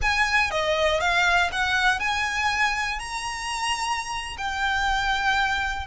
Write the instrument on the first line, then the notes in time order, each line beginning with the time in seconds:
violin
0.01 G#5
0.50 D#5
1.00 F5
1.52 F#5
1.99 G#5
2.99 A#5
4.37 G5